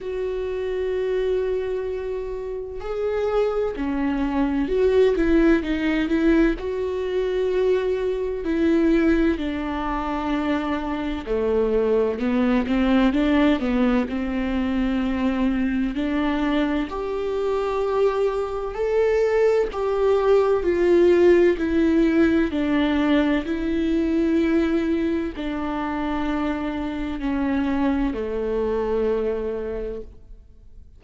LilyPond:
\new Staff \with { instrumentName = "viola" } { \time 4/4 \tempo 4 = 64 fis'2. gis'4 | cis'4 fis'8 e'8 dis'8 e'8 fis'4~ | fis'4 e'4 d'2 | a4 b8 c'8 d'8 b8 c'4~ |
c'4 d'4 g'2 | a'4 g'4 f'4 e'4 | d'4 e'2 d'4~ | d'4 cis'4 a2 | }